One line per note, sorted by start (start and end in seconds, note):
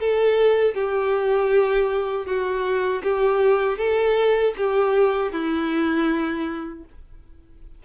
0.00 0.75 A4
0.75 2.26 G4
2.26 3.02 F#4
3.03 3.78 G4
3.78 4.54 A4
4.57 5.32 G4
5.32 6.84 E4